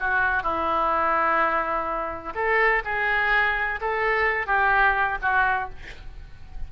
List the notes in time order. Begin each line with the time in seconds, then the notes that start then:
0.00 F#4
0.43 E4
2.35 A4
2.85 G#4
3.81 A4
4.47 G4
5.22 F#4